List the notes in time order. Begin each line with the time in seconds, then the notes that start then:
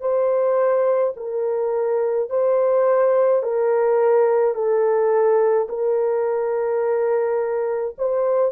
0.00 C5
1.16 A#4
2.30 C5
3.43 A#4
4.54 A4
5.69 A#4
7.98 C5